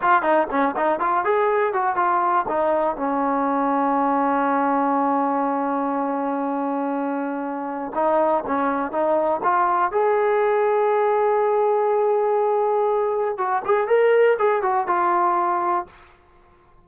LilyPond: \new Staff \with { instrumentName = "trombone" } { \time 4/4 \tempo 4 = 121 f'8 dis'8 cis'8 dis'8 f'8 gis'4 fis'8 | f'4 dis'4 cis'2~ | cis'1~ | cis'1 |
dis'4 cis'4 dis'4 f'4 | gis'1~ | gis'2. fis'8 gis'8 | ais'4 gis'8 fis'8 f'2 | }